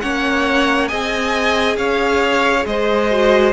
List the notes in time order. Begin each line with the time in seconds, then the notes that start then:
0.00 A#3 C#4 C#5 F#5
0.88 C4 G#4 D#5 G#5
1.76 C#4 C#5 F5
2.66 G#3 C5 D#5
3.10 F#4